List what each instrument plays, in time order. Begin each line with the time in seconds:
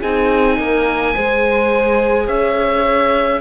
0.00 cello C4, viola D#4, horn G#4, oboe G#5
0.57 cello A#3, horn A#4
1.14 cello G#3, viola G#4, horn C5
2.26 cello C#4, horn C#5, oboe E5